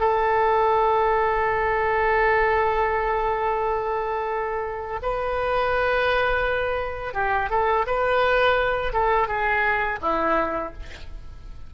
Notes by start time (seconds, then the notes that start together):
0.00 A4
5.03 B4
7.14 G4
7.50 A4
7.87 B4
8.93 A4
9.28 G#4
10.02 E4